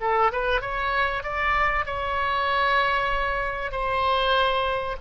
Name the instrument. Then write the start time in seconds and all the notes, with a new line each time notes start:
oboe
0.00 A4
0.32 B4
0.61 C#5
1.23 D5
1.85 C#5
3.71 C5